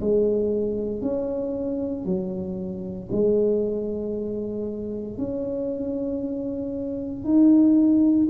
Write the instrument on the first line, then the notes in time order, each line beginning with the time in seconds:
tuba
0.00 G#3
1.01 C#4
2.05 F#3
3.11 G#3
5.17 C#4
7.24 D#4